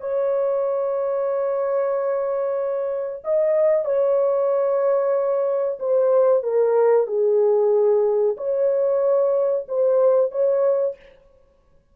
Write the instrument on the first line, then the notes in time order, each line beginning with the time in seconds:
horn
0.00 C#5
3.24 D#5
3.85 C#5
5.79 C5
6.43 A#4
7.07 G#4
8.37 C#5
9.68 C5
10.31 C#5